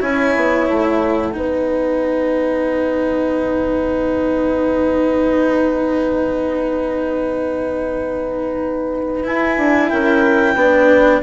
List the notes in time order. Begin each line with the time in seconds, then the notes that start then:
0.00 C#4 E4 C#5 G#5
0.36 B3
0.68 A3 F#5
1.34 B3 D#4 B4
9.24 E4 G#5
9.58 D4
9.90 C#4 A#4 G5
10.55 B3 D4 B4